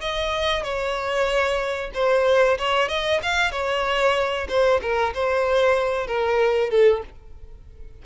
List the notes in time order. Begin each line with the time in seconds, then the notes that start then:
0.00 D#5
0.63 C#5
1.94 C5
2.58 C#5
2.88 D#5
3.22 F5
3.51 C#5
4.48 C5
4.81 A#4
5.14 C5
6.07 A#4
6.70 A4